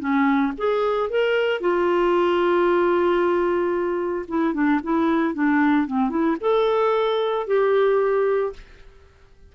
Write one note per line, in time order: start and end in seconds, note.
0.00 0.53 C#4
0.58 1.10 G#4
1.10 1.61 A#4
1.61 4.26 F4
4.29 4.54 E4
4.54 4.81 D4
4.84 5.35 E4
5.35 5.87 D4
5.87 6.10 C4
6.10 6.37 E4
6.41 7.47 A4
7.47 8.53 G4